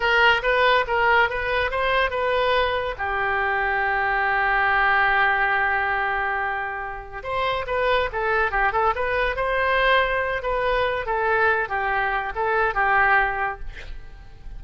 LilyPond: \new Staff \with { instrumentName = "oboe" } { \time 4/4 \tempo 4 = 141 ais'4 b'4 ais'4 b'4 | c''4 b'2 g'4~ | g'1~ | g'1~ |
g'4 c''4 b'4 a'4 | g'8 a'8 b'4 c''2~ | c''8 b'4. a'4. g'8~ | g'4 a'4 g'2 | }